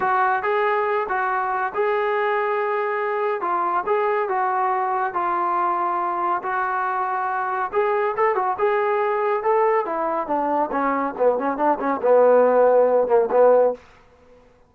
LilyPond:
\new Staff \with { instrumentName = "trombone" } { \time 4/4 \tempo 4 = 140 fis'4 gis'4. fis'4. | gis'1 | f'4 gis'4 fis'2 | f'2. fis'4~ |
fis'2 gis'4 a'8 fis'8 | gis'2 a'4 e'4 | d'4 cis'4 b8 cis'8 d'8 cis'8 | b2~ b8 ais8 b4 | }